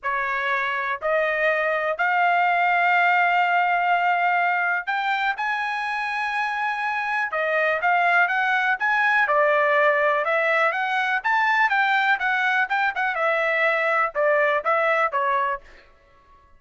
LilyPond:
\new Staff \with { instrumentName = "trumpet" } { \time 4/4 \tempo 4 = 123 cis''2 dis''2 | f''1~ | f''2 g''4 gis''4~ | gis''2. dis''4 |
f''4 fis''4 gis''4 d''4~ | d''4 e''4 fis''4 a''4 | g''4 fis''4 g''8 fis''8 e''4~ | e''4 d''4 e''4 cis''4 | }